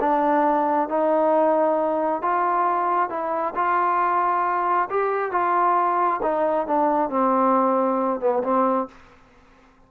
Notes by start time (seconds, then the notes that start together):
0.00 D4
0.88 D#4
2.22 F4
3.09 E4
3.55 F4
4.89 G4
5.31 F4
6.22 D#4
6.66 D4
7.09 C4
8.20 B3
8.43 C4